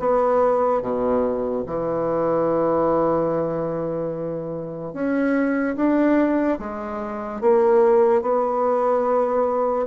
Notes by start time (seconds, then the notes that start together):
0.00 B3
0.82 B2
1.66 E3
4.94 C#4
5.77 D4
6.59 G#3
7.42 A#3
8.22 B3